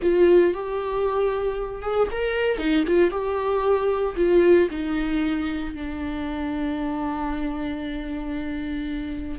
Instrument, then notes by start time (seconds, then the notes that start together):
viola
0.01 F4
0.54 G4
1.81 G#4
2.11 A#4
2.58 D#4
2.87 F4
3.10 G4
4.16 F4
4.70 D#4
5.75 D4